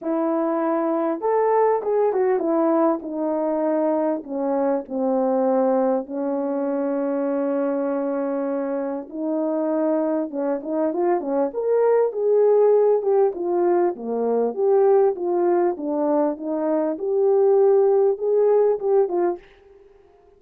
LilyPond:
\new Staff \with { instrumentName = "horn" } { \time 4/4 \tempo 4 = 99 e'2 a'4 gis'8 fis'8 | e'4 dis'2 cis'4 | c'2 cis'2~ | cis'2. dis'4~ |
dis'4 cis'8 dis'8 f'8 cis'8 ais'4 | gis'4. g'8 f'4 ais4 | g'4 f'4 d'4 dis'4 | g'2 gis'4 g'8 f'8 | }